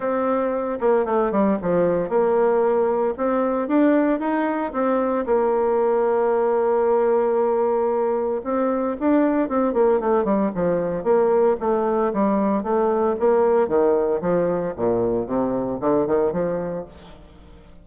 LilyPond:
\new Staff \with { instrumentName = "bassoon" } { \time 4/4 \tempo 4 = 114 c'4. ais8 a8 g8 f4 | ais2 c'4 d'4 | dis'4 c'4 ais2~ | ais1 |
c'4 d'4 c'8 ais8 a8 g8 | f4 ais4 a4 g4 | a4 ais4 dis4 f4 | ais,4 c4 d8 dis8 f4 | }